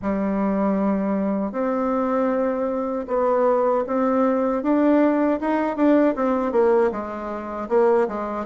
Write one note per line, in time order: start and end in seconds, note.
0.02 1.52 G3
1.52 3.06 C4
3.07 3.84 B3
3.86 4.62 C4
4.62 5.39 D4
5.40 5.76 D#4
5.76 6.15 D4
6.15 6.52 C4
6.52 6.90 A#3
6.91 7.68 G#3
7.69 8.07 A#3
8.08 8.45 G#3